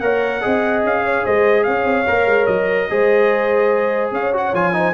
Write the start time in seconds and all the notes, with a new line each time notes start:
0.00 A#3 A#4 C#5 F#5
0.41 C4 G#4 D#5
0.84 C#4 F5
1.04 C#5
1.24 G#3 C5 D#5
1.64 C#4 C#5 F5
1.84 C4
2.07 A#3 A#4
2.26 G#3
2.46 F#3 D#5
2.90 G#3 G#4 C5
4.12 C#4 C#5 F5
4.33 F#4 F#5
4.54 F3 F4 G#5
4.73 D#4 C5